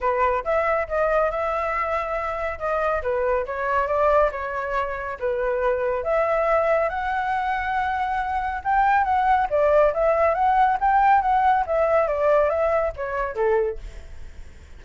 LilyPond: \new Staff \with { instrumentName = "flute" } { \time 4/4 \tempo 4 = 139 b'4 e''4 dis''4 e''4~ | e''2 dis''4 b'4 | cis''4 d''4 cis''2 | b'2 e''2 |
fis''1 | g''4 fis''4 d''4 e''4 | fis''4 g''4 fis''4 e''4 | d''4 e''4 cis''4 a'4 | }